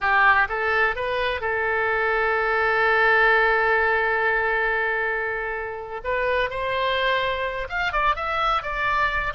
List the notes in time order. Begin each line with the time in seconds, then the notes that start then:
0.00 G4
0.49 A4
0.95 B4
1.40 A4
6.04 B4
6.50 C5
7.69 F5
7.92 D5
8.15 E5
8.62 D5